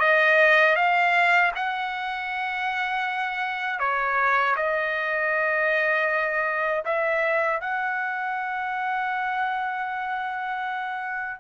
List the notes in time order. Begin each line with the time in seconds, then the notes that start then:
0.00 D#5
0.76 F5
1.56 F#5
3.80 C#5
4.57 D#5
6.85 E5
7.61 F#5